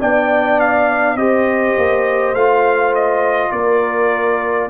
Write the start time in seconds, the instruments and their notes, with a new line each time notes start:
0.00 tuba B3, trombone D4, horn D5, trumpet G5
0.60 trumpet F5
1.15 tuba C4, trombone G4, horn C5, trumpet D#5
1.78 tuba A#3
2.33 tuba A3, trombone F4, trumpet F5
2.95 trumpet D#5
3.52 tuba A#3, horn A#4, trumpet D5